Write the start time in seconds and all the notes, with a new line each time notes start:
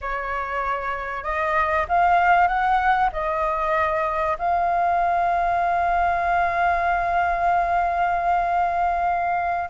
0.01 C#5
1.23 D#5
1.88 F5
2.47 F#5
3.12 D#5
4.38 F5